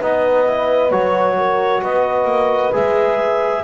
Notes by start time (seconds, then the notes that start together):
0.00 B3 D#4 B4 D#5
0.47 E4
0.91 F#3 F#4 C#5
1.38 A#4
1.82 B3 B4 D#5
2.25 A#3
2.73 G#3 G#4 E5